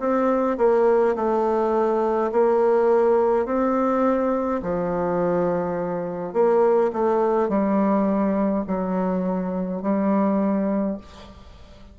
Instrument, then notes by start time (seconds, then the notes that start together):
bassoon
0.00 C4
0.58 A#3
1.16 A3
2.32 A#3
3.46 C4
4.63 F3
6.34 A#3
6.93 A3
7.49 G3
8.67 F#3
9.82 G3